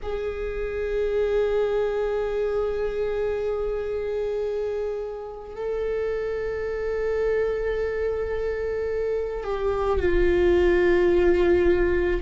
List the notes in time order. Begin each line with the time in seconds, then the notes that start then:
0.02 G#4
5.56 A4
9.44 G4
9.98 F4